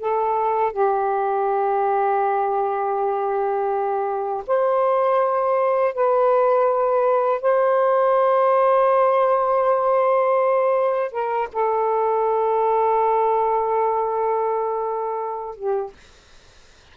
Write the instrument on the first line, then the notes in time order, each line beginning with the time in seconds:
saxophone
0.00 A4
0.73 G4
4.47 C5
5.94 B4
7.42 C5
11.12 A#4
11.53 A4
15.56 G4